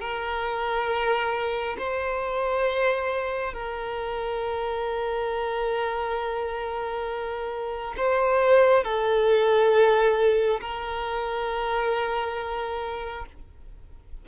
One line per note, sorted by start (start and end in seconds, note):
0.00 1.76 A#4
1.78 3.53 C5
3.53 7.95 A#4
7.97 8.84 C5
8.84 10.60 A4
10.60 13.25 A#4